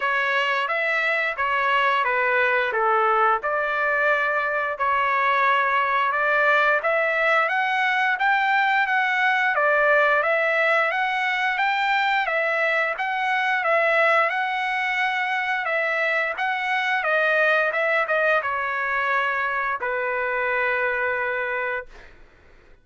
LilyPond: \new Staff \with { instrumentName = "trumpet" } { \time 4/4 \tempo 4 = 88 cis''4 e''4 cis''4 b'4 | a'4 d''2 cis''4~ | cis''4 d''4 e''4 fis''4 | g''4 fis''4 d''4 e''4 |
fis''4 g''4 e''4 fis''4 | e''4 fis''2 e''4 | fis''4 dis''4 e''8 dis''8 cis''4~ | cis''4 b'2. | }